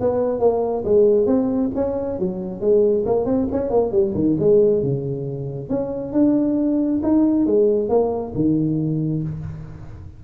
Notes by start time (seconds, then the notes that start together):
0.00 B3
0.40 A#3
0.84 G#3
1.26 C4
1.75 C#4
2.19 F#3
2.60 G#3
3.06 A#3
3.25 C4
3.52 C#4
3.70 A#3
3.91 G3
4.15 D#3
4.39 G#3
4.83 C#3
5.70 C#4
6.13 D4
7.03 D#4
7.46 G#3
7.89 A#3
8.35 D#3